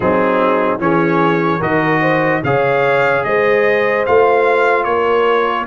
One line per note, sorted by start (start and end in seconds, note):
0.00 0.79 F#3
0.00 0.79 C4
0.00 0.81 D#4
0.00 0.79 G#4
0.79 1.60 E3
0.79 1.60 C#4
0.79 1.58 G#4
0.79 1.61 C#5
1.58 2.42 D#3
1.58 2.42 F#4
1.58 1.98 A#4
1.58 2.43 D#5
2.01 2.41 C5
2.43 3.24 C#3
2.43 4.07 G#4
2.43 3.26 C#5
2.43 3.24 F5
3.24 4.06 G#3
3.24 4.88 C5
3.24 4.05 D#5
4.06 4.85 A3
4.06 5.66 F4
4.06 4.84 F5
4.84 5.66 A#3
4.84 5.66 A#4
4.84 5.65 C#5